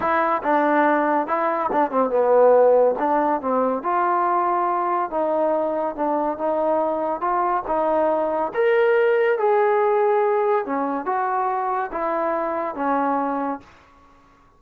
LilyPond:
\new Staff \with { instrumentName = "trombone" } { \time 4/4 \tempo 4 = 141 e'4 d'2 e'4 | d'8 c'8 b2 d'4 | c'4 f'2. | dis'2 d'4 dis'4~ |
dis'4 f'4 dis'2 | ais'2 gis'2~ | gis'4 cis'4 fis'2 | e'2 cis'2 | }